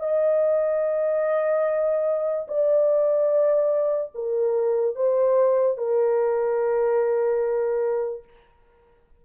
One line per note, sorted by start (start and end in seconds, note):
0.00 2.47 D#5
2.48 4.12 D5
4.15 4.95 A#4
4.95 5.78 C5
5.78 8.24 A#4